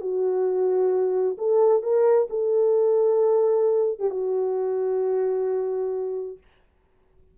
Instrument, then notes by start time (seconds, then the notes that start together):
horn
0.00 F#4
1.37 A4
1.82 A#4
2.29 A4
3.99 G4
4.10 F#4